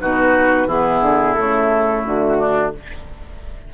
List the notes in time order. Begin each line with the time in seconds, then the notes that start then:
0.00 B2 D#4 F#4 B4
0.66 E3 B3 E4 G#4
1.00 D3
1.34 C#3 A3 A4
2.04 D3 F#4
2.38 D4